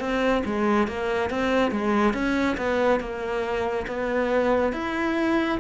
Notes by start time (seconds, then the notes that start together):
0.00 C4
0.45 G#3
0.88 A#3
1.30 C4
1.71 G#3
2.14 C#4
2.57 B3
3.00 A#3
3.87 B3
4.73 E4